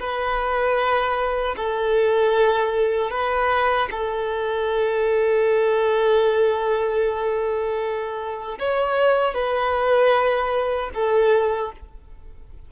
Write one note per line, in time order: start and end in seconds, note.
0.00 1.56 B4
1.57 3.11 A4
3.11 3.89 B4
3.91 8.59 A4
8.59 9.35 C#5
9.35 10.91 B4
10.94 11.72 A4